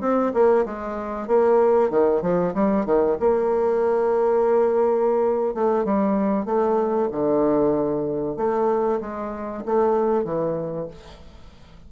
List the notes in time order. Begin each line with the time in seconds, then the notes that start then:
0.00 C4
0.33 A#3
0.65 G#3
1.27 A#3
1.90 D#3
2.22 F3
2.53 G3
2.85 D#3
3.20 A#3
5.53 A3
5.84 G3
6.45 A3
7.11 D3
8.36 A3
9.00 G#3
9.65 A3
10.24 E3